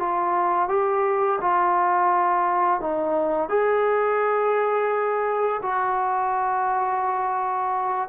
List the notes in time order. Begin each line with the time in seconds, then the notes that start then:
0.00 F4
0.69 G4
1.41 F4
2.81 D#4
3.49 G#4
5.63 F#4